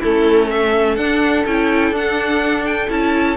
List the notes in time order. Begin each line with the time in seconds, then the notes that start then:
0.00 A3 C#4 E4 A4
0.51 A4 E5
0.96 D4 F#5
1.46 C#4 E4 G5
1.91 D4 F#5
2.66 G5
2.88 C#4 E4 A5